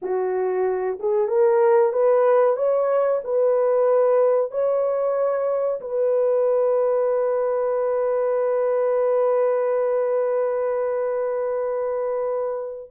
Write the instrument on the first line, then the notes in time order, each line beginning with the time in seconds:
horn
0.02 F#4
0.99 G#4
1.28 A#4
1.92 B4
2.56 C#5
3.24 B4
4.51 C#5
5.80 B4